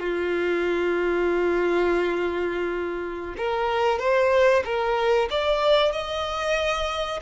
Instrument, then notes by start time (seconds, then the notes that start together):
violin
0.00 F4
3.37 A#4
3.99 C5
4.65 A#4
5.30 D5
5.92 D#5